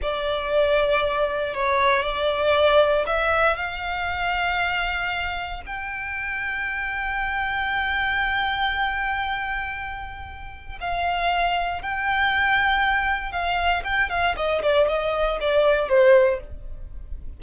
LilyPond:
\new Staff \with { instrumentName = "violin" } { \time 4/4 \tempo 4 = 117 d''2. cis''4 | d''2 e''4 f''4~ | f''2. g''4~ | g''1~ |
g''1~ | g''4 f''2 g''4~ | g''2 f''4 g''8 f''8 | dis''8 d''8 dis''4 d''4 c''4 | }